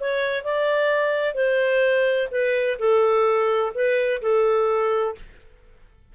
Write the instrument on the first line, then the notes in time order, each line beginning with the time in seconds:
clarinet
0.00 C#5
0.44 D5
1.35 C5
2.31 B4
2.79 A4
3.74 B4
4.21 A4